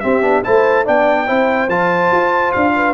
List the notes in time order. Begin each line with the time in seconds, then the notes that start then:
0.00 C4 G4 E5
0.22 B3 D4
0.44 A3 E4 C5 A5
0.85 B3 D4 D5 G5
1.27 C4 E4 C5
1.69 F3 F4 A5
2.11 F4
2.53 D4 F5
2.76 B4